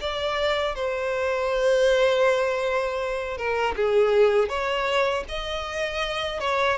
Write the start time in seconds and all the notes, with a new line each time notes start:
0.00 D5
0.75 C5
3.37 A#4
3.76 G#4
4.48 C#5
5.28 D#5
6.40 C#5